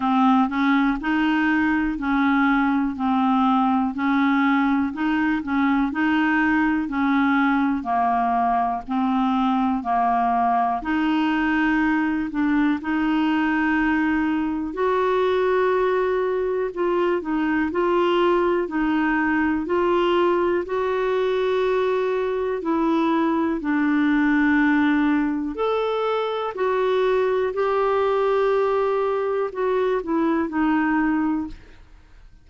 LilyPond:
\new Staff \with { instrumentName = "clarinet" } { \time 4/4 \tempo 4 = 61 c'8 cis'8 dis'4 cis'4 c'4 | cis'4 dis'8 cis'8 dis'4 cis'4 | ais4 c'4 ais4 dis'4~ | dis'8 d'8 dis'2 fis'4~ |
fis'4 f'8 dis'8 f'4 dis'4 | f'4 fis'2 e'4 | d'2 a'4 fis'4 | g'2 fis'8 e'8 dis'4 | }